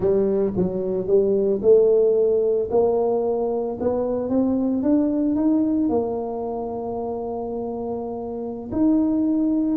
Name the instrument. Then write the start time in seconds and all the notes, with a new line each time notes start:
tuba
0.00 G3
0.56 F#3
1.07 G3
1.62 A3
2.70 A#3
3.80 B3
4.29 C4
4.82 D4
5.35 D#4
5.89 A#3
8.72 D#4